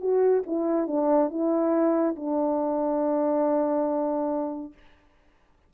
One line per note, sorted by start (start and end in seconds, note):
0.00 0.43 F#4
0.46 0.87 E4
0.87 1.30 D4
1.30 2.15 E4
2.16 4.73 D4